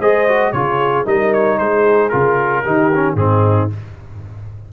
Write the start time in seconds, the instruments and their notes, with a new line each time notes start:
0.00 tuba G#3, trombone G#4, horn C5, trumpet D#5
0.29 trombone F#4
0.53 tuba C#3, trombone F4, horn G#4, trumpet C#5
1.06 tuba G3, trombone D#4, horn A#4, trumpet D#5
1.34 trumpet C#5
1.58 tuba G#3, horn G#4, trumpet C5
2.10 tuba C#3, trombone F4, trumpet A#4
2.64 tuba D#3, trombone D#4, horn G4
2.95 trombone C#4
3.15 tuba G#2, trombone C4, horn D#4, trumpet G#4